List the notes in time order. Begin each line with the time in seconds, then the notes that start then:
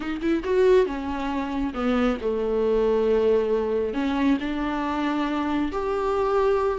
0.00 D#4
0.21 E4
0.44 F#4
0.86 C#4
1.74 B3
2.21 A3
3.93 C#4
4.40 D4
5.72 G4